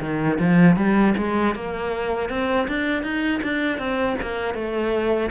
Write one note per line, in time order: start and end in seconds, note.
0.00 0.38 D#3
0.39 0.76 F3
0.76 1.14 G3
1.17 1.54 G#3
1.54 2.29 A#3
2.29 2.67 C4
2.68 3.03 D4
3.03 3.41 D#4
3.42 3.78 D4
3.78 4.16 C4
4.22 4.54 A#3
4.54 5.30 A3